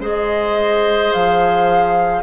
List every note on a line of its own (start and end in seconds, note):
0.00 1.11 G#3
0.00 2.22 G#4
0.00 2.22 C5
0.00 1.12 D#5
1.12 2.22 F3
1.12 2.22 F5